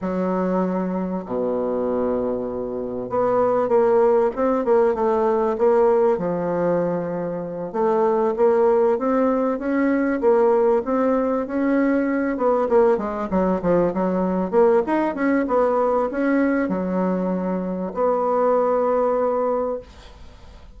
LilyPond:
\new Staff \with { instrumentName = "bassoon" } { \time 4/4 \tempo 4 = 97 fis2 b,2~ | b,4 b4 ais4 c'8 ais8 | a4 ais4 f2~ | f8 a4 ais4 c'4 cis'8~ |
cis'8 ais4 c'4 cis'4. | b8 ais8 gis8 fis8 f8 fis4 ais8 | dis'8 cis'8 b4 cis'4 fis4~ | fis4 b2. | }